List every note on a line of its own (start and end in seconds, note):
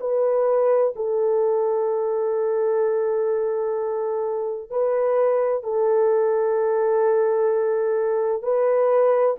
0.00 0.94 B4
0.96 4.70 A4
4.70 5.63 B4
5.63 8.42 A4
8.42 9.36 B4